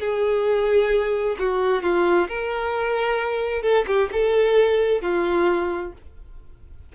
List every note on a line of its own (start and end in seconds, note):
0.00 1.36 G#4
1.39 1.83 F#4
1.83 2.28 F4
2.28 3.62 A#4
3.62 3.85 A4
3.87 4.10 G4
4.12 5.02 A4
5.02 5.93 F4